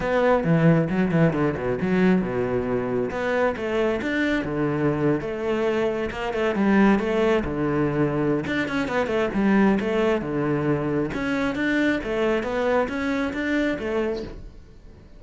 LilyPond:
\new Staff \with { instrumentName = "cello" } { \time 4/4 \tempo 4 = 135 b4 e4 fis8 e8 d8 b,8 | fis4 b,2 b4 | a4 d'4 d4.~ d16 a16~ | a4.~ a16 ais8 a8 g4 a16~ |
a8. d2~ d16 d'8 cis'8 | b8 a8 g4 a4 d4~ | d4 cis'4 d'4 a4 | b4 cis'4 d'4 a4 | }